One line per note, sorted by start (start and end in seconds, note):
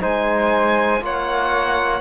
0.00 1.01 G#3
0.00 1.00 D#4
0.00 1.02 C5
0.00 1.03 G#5
1.00 2.01 A#3
1.00 2.00 F4
1.00 2.01 C#5
1.00 2.01 F#5